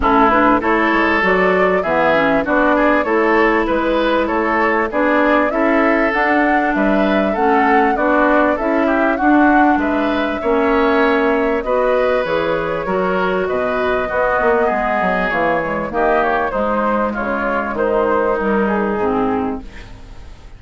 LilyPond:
<<
  \new Staff \with { instrumentName = "flute" } { \time 4/4 \tempo 4 = 98 a'8 b'8 cis''4 d''4 e''4 | d''4 cis''4 b'4 cis''4 | d''4 e''4 fis''4 e''4 | fis''4 d''4 e''4 fis''4 |
e''2. dis''4 | cis''2 dis''2~ | dis''4 cis''4 dis''8 cis''8 c''4 | cis''4 c''4 ais'8 gis'4. | }
  \new Staff \with { instrumentName = "oboe" } { \time 4/4 e'4 a'2 gis'4 | fis'8 gis'8 a'4 b'4 a'4 | gis'4 a'2 b'4 | a'4 fis'4 a'8 g'8 fis'4 |
b'4 cis''2 b'4~ | b'4 ais'4 b'4 fis'4 | gis'2 g'4 dis'4 | f'4 dis'2. | }
  \new Staff \with { instrumentName = "clarinet" } { \time 4/4 cis'8 d'8 e'4 fis'4 b8 cis'8 | d'4 e'2. | d'4 e'4 d'2 | cis'4 d'4 e'4 d'4~ |
d'4 cis'2 fis'4 | gis'4 fis'2 b4~ | b4 ais8 gis8 ais4 gis4~ | gis2 g4 c'4 | }
  \new Staff \with { instrumentName = "bassoon" } { \time 4/4 a,4 a8 gis8 fis4 e4 | b4 a4 gis4 a4 | b4 cis'4 d'4 g4 | a4 b4 cis'4 d'4 |
gis4 ais2 b4 | e4 fis4 b,4 b8 ais8 | gis8 fis8 e4 dis4 gis4 | cis4 dis2 gis,4 | }
>>